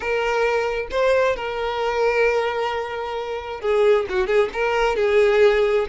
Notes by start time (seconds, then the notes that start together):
0.00 A#4
0.90 C5
1.36 A#4
3.60 G#4
4.09 F#4
4.26 G#4
4.53 A#4
4.96 G#4